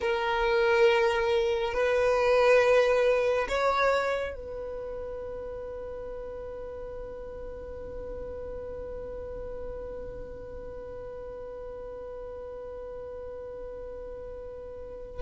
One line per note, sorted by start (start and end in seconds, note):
0.00 1.73 A#4
1.73 3.47 B4
3.48 4.35 C#5
4.35 15.22 B4